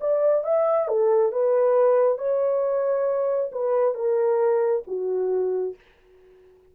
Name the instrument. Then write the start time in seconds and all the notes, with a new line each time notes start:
horn
0.00 D5
0.43 E5
0.88 A4
1.32 B4
2.18 C#5
3.51 B4
3.94 A#4
4.86 F#4